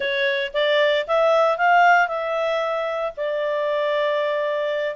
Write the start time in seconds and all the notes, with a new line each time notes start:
0.00 C#5
0.53 D5
1.07 E5
1.57 F5
2.08 E5
3.16 D5